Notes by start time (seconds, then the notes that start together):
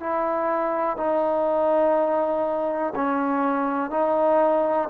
0.00 E4
0.97 D#4
2.95 C#4
3.90 D#4